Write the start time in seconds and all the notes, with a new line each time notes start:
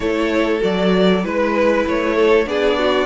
0.00 A3 E4 A4 C#5
0.60 F#3 F#4 D5
1.23 G#3 E4 B4
1.86 A3 C#5
2.15 A4
2.45 B3 D4 G#4 D5
2.78 F#4